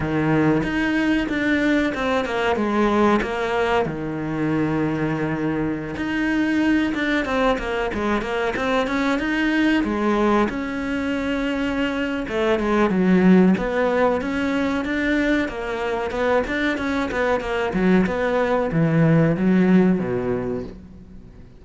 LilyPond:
\new Staff \with { instrumentName = "cello" } { \time 4/4 \tempo 4 = 93 dis4 dis'4 d'4 c'8 ais8 | gis4 ais4 dis2~ | dis4~ dis16 dis'4. d'8 c'8 ais16~ | ais16 gis8 ais8 c'8 cis'8 dis'4 gis8.~ |
gis16 cis'2~ cis'8. a8 gis8 | fis4 b4 cis'4 d'4 | ais4 b8 d'8 cis'8 b8 ais8 fis8 | b4 e4 fis4 b,4 | }